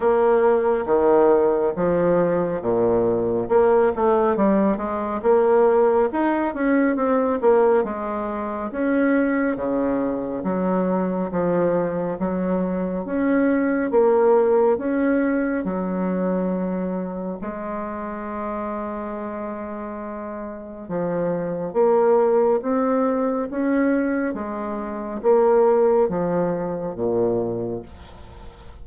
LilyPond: \new Staff \with { instrumentName = "bassoon" } { \time 4/4 \tempo 4 = 69 ais4 dis4 f4 ais,4 | ais8 a8 g8 gis8 ais4 dis'8 cis'8 | c'8 ais8 gis4 cis'4 cis4 | fis4 f4 fis4 cis'4 |
ais4 cis'4 fis2 | gis1 | f4 ais4 c'4 cis'4 | gis4 ais4 f4 ais,4 | }